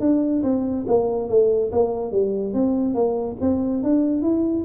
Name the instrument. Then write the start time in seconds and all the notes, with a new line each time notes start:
tuba
0.00 D4
0.43 C4
0.87 A#3
1.29 A3
1.72 A#3
2.12 G3
2.54 C4
2.94 A#3
3.41 C4
3.83 D4
4.22 E4